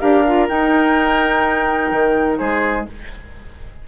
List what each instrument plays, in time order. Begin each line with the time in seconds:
0.00 bassoon D4, clarinet G4, oboe A#4, flute F5
0.27 clarinet F4
0.48 clarinet D#4, bassoon D#4, flute G5
1.92 bassoon D#3
2.38 bassoon G#3, oboe G#4, flute C5